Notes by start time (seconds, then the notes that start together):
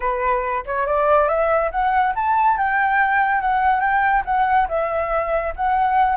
0.00 B4
0.65 C#5
0.86 D5
1.28 E5
1.71 F#5
2.15 A5
2.57 G5
3.41 F#5
3.80 G5
4.25 F#5
4.68 E5
5.56 F#5